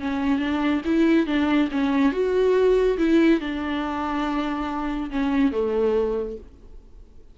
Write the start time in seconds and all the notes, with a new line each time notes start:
0.00 C#4
0.39 D4
0.85 E4
1.26 D4
1.71 C#4
2.12 F#4
2.97 E4
3.40 D4
5.10 C#4
5.52 A3